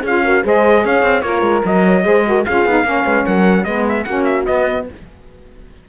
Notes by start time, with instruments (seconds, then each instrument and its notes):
0.00 cello C#4, saxophone F4, horn G#4, trumpet F5
0.24 saxophone F#4, horn A#4
0.43 cello G#3, saxophone G#4, horn C5, trumpet D#5
0.84 cello C#4, horn C#5, trumpet F5
1.02 cello C4
1.21 cello A#3, horn F4, saxophone A#4, trumpet C#5
1.41 cello G#3
1.64 cello F#3, horn A#4, trumpet D#5
1.84 horn C#5
2.03 cello G#3, saxophone G#4, horn C5
2.24 saxophone F#4, horn A#4
2.45 cello C#4, saxophone F4, horn G#4, trumpet F5
2.65 cello B3, saxophone D#4
2.84 cello A#3, saxophone C#4, horn C#5
3.05 cello G#3, horn B4
3.26 cello F#3, horn A#4, trumpet F#5
3.64 cello G#3, saxophone B3, horn B4, trumpet D#5
3.88 trumpet E5
4.04 cello A#3, saxophone C#4, horn F#4, trumpet F#5
4.24 trumpet E5
4.45 saxophone B3, cello B3, trumpet D#5